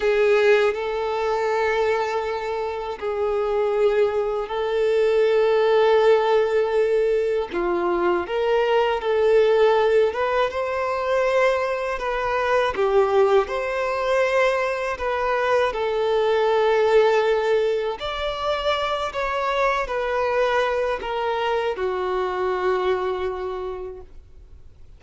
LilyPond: \new Staff \with { instrumentName = "violin" } { \time 4/4 \tempo 4 = 80 gis'4 a'2. | gis'2 a'2~ | a'2 f'4 ais'4 | a'4. b'8 c''2 |
b'4 g'4 c''2 | b'4 a'2. | d''4. cis''4 b'4. | ais'4 fis'2. | }